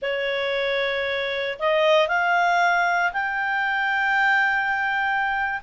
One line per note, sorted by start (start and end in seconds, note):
0.02 1.58 C#5
1.59 2.08 D#5
2.08 3.12 F5
3.12 5.60 G5